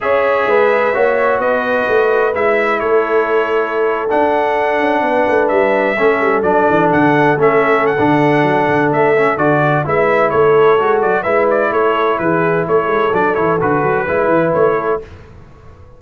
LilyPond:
<<
  \new Staff \with { instrumentName = "trumpet" } { \time 4/4 \tempo 4 = 128 e''2. dis''4~ | dis''4 e''4 cis''2~ | cis''8. fis''2. e''16~ | e''4.~ e''16 d''4 fis''4 e''16~ |
e''8. fis''2~ fis''16 e''4 | d''4 e''4 cis''4. d''8 | e''8 d''8 cis''4 b'4 cis''4 | d''8 cis''8 b'2 cis''4 | }
  \new Staff \with { instrumentName = "horn" } { \time 4/4 cis''4 b'4 cis''4 b'4~ | b'2 a'2~ | a'2~ a'8. b'4~ b'16~ | b'8. a'2.~ a'16~ |
a'1~ | a'4 b'4 a'2 | b'4 a'4 gis'4 a'4~ | a'2 b'4. a'8 | }
  \new Staff \with { instrumentName = "trombone" } { \time 4/4 gis'2 fis'2~ | fis'4 e'2.~ | e'8. d'2.~ d'16~ | d'8. cis'4 d'2 cis'16~ |
cis'4 d'2~ d'8 cis'8 | fis'4 e'2 fis'4 | e'1 | d'8 e'8 fis'4 e'2 | }
  \new Staff \with { instrumentName = "tuba" } { \time 4/4 cis'4 gis4 ais4 b4 | a4 gis4 a2~ | a8. d'4. cis'8 b8 a8 g16~ | g8. a8 g8 fis8 e8 d4 a16~ |
a4 d4 fis8 d8 a4 | d4 gis4 a4 gis8 fis8 | gis4 a4 e4 a8 gis8 | fis8 e8 d8 fis8 gis8 e8 a4 | }
>>